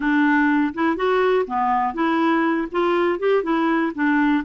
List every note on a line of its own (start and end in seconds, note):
0.00 0.73 D4
0.74 0.96 E4
0.96 1.45 F#4
1.46 1.94 B3
1.94 2.67 E4
2.71 3.19 F4
3.19 3.43 G4
3.43 3.92 E4
3.94 4.44 D4